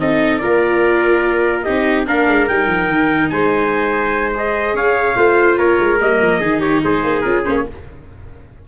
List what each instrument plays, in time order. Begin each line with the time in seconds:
0.00 tuba C4, viola D#4, trumpet A4 D#5
0.38 tuba A#3, viola F4, trumpet A#4 D5
1.63 tuba C4, viola D#4, trumpet G4 D#5
2.07 tuba A#3, viola D4, trumpet A#4 F5
2.27 tuba G#3
2.48 tuba G3, viola D#4, trumpet G5
2.67 tuba F3
2.87 tuba D#3
3.29 tuba G#3, trumpet C5 G#5
4.34 viola G#4, trumpet D#5
4.74 tuba C#4, trumpet C#5 F5
5.16 tuba A3, viola F4, trumpet C5
5.57 tuba A#3, trumpet A#4 C#5
5.79 tuba G#3
6.00 tuba G3, viola A#3, trumpet D#5
6.21 tuba F3
6.40 tuba D#3, viola D#4, trumpet G#4
6.60 trumpet G4 C#5
6.84 tuba G#3, trumpet G#4 C5
7.03 tuba A#3
7.21 tuba C#4, viola F4, trumpet A#4
7.45 tuba A#3, viola C#4, trumpet C5
7.56 trumpet C#5